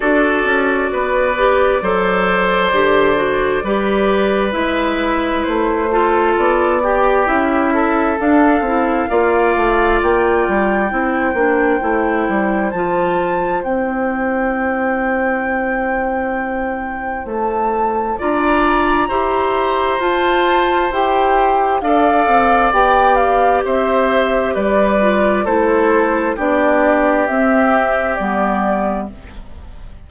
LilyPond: <<
  \new Staff \with { instrumentName = "flute" } { \time 4/4 \tempo 4 = 66 d''1~ | d''4 e''4 c''4 d''4 | e''4 f''2 g''4~ | g''2 a''4 g''4~ |
g''2. a''4 | ais''2 a''4 g''4 | f''4 g''8 f''8 e''4 d''4 | c''4 d''4 e''4 d''4 | }
  \new Staff \with { instrumentName = "oboe" } { \time 4/4 a'4 b'4 c''2 | b'2~ b'8 a'4 g'8~ | g'8 a'4. d''2 | c''1~ |
c''1 | d''4 c''2. | d''2 c''4 b'4 | a'4 g'2. | }
  \new Staff \with { instrumentName = "clarinet" } { \time 4/4 fis'4. g'8 a'4 g'8 fis'8 | g'4 e'4. f'4 g'8 | e'4 d'8 e'8 f'2 | e'8 d'8 e'4 f'4 e'4~ |
e'1 | f'4 g'4 f'4 g'4 | a'4 g'2~ g'8 f'8 | e'4 d'4 c'4 b4 | }
  \new Staff \with { instrumentName = "bassoon" } { \time 4/4 d'8 cis'8 b4 fis4 d4 | g4 gis4 a4 b4 | cis'4 d'8 c'8 ais8 a8 ais8 g8 | c'8 ais8 a8 g8 f4 c'4~ |
c'2. a4 | d'4 e'4 f'4 e'4 | d'8 c'8 b4 c'4 g4 | a4 b4 c'4 g4 | }
>>